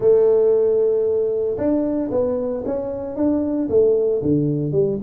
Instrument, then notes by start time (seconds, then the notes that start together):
tuba
0.00 A3
1.57 D4
2.11 B3
2.65 C#4
3.16 D4
3.69 A3
4.22 D3
4.72 G3